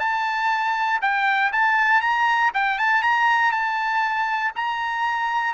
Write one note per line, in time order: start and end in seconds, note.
0.00 1.00 A5
1.02 1.52 G5
1.52 2.01 A5
2.01 2.51 A#5
2.54 2.79 G5
2.79 3.02 A5
3.02 3.52 A#5
3.52 4.52 A5
4.56 5.54 A#5